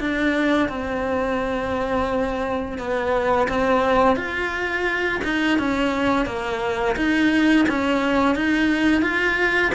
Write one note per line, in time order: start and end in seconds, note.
0.00 0.69 D4
0.69 2.78 C4
2.78 3.48 B3
3.49 4.16 C4
4.16 5.21 F4
5.24 5.58 D#4
5.58 6.26 C#4
6.26 6.96 A#3
6.96 7.66 D#4
7.69 8.35 C#4
8.35 9.02 D#4
9.02 9.72 F4